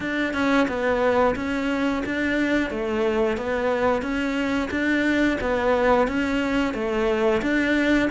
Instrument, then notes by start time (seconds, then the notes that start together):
cello
0.00 D4
0.33 C#4
0.67 B3
1.35 C#4
2.05 D4
2.70 A3
3.37 B3
4.01 C#4
4.70 D4
5.41 B3
6.07 C#4
6.74 A3
7.42 D4